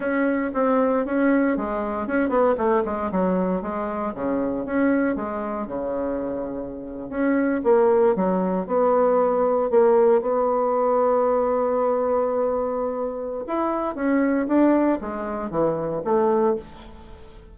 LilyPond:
\new Staff \with { instrumentName = "bassoon" } { \time 4/4 \tempo 4 = 116 cis'4 c'4 cis'4 gis4 | cis'8 b8 a8 gis8 fis4 gis4 | cis4 cis'4 gis4 cis4~ | cis4.~ cis16 cis'4 ais4 fis16~ |
fis8. b2 ais4 b16~ | b1~ | b2 e'4 cis'4 | d'4 gis4 e4 a4 | }